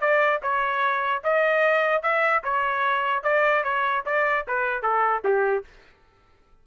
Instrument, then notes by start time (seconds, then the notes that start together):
trumpet
0.00 D5
0.42 C#5
1.23 D#5
2.02 E5
2.43 C#5
3.23 D5
3.63 C#5
4.05 D5
4.47 B4
4.82 A4
5.24 G4